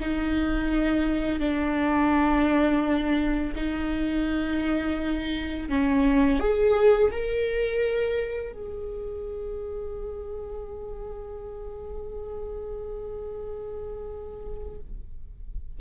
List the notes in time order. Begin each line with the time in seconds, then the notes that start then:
0.00 D#4
1.40 D4
3.56 D#4
5.69 C#4
6.40 G#4
7.11 A#4
8.53 G#4